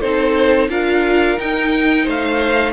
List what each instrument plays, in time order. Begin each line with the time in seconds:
0.00 cello C4, viola D#4, violin A4 C5
0.69 cello D4, viola F4, violin A#4 F5
1.37 viola D#4, cello D#4, violin G5
2.04 cello A3, violin C5 F5